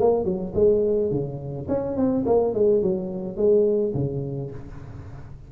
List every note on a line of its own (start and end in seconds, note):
0.00 0.24 A#3
0.24 0.53 F#3
0.55 1.11 G#3
1.11 1.68 C#3
1.68 1.97 C#4
1.97 2.25 C4
2.26 2.54 A#3
2.54 2.82 G#3
2.82 3.37 F#3
3.37 3.93 G#3
3.94 4.51 C#3